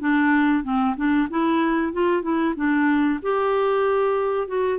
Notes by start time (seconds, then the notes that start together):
0.00 D4
0.64 C4
0.96 D4
1.30 E4
1.93 F4
2.23 E4
2.56 D4
3.23 G4
4.48 F#4